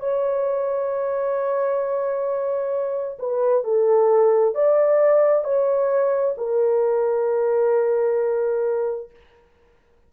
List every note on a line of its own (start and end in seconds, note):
0.00 3.18 C#5
3.19 3.64 B4
3.64 4.55 A4
4.55 5.45 D5
5.45 6.36 C#5
6.38 9.11 A#4